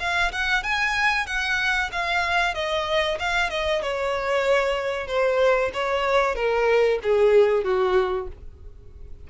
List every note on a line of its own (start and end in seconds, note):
0.00 0.32 F5
0.32 0.64 F#5
0.64 1.27 G#5
1.27 1.91 F#5
1.93 2.55 F5
2.55 3.19 D#5
3.20 3.51 F5
3.51 3.83 D#5
3.83 5.08 C#5
5.08 5.72 C5
5.74 6.36 C#5
6.36 7.00 A#4
7.03 7.65 G#4
7.65 8.28 F#4